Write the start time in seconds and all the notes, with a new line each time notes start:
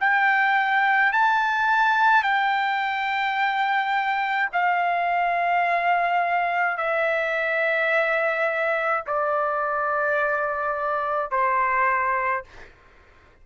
0.00 G5
1.12 A5
2.22 G5
4.52 F5
6.77 E5
9.06 D5
11.31 C5